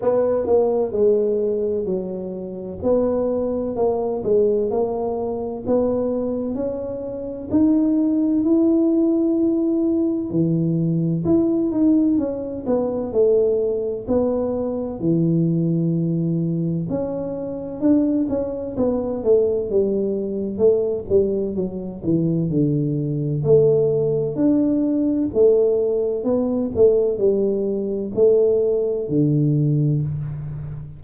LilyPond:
\new Staff \with { instrumentName = "tuba" } { \time 4/4 \tempo 4 = 64 b8 ais8 gis4 fis4 b4 | ais8 gis8 ais4 b4 cis'4 | dis'4 e'2 e4 | e'8 dis'8 cis'8 b8 a4 b4 |
e2 cis'4 d'8 cis'8 | b8 a8 g4 a8 g8 fis8 e8 | d4 a4 d'4 a4 | b8 a8 g4 a4 d4 | }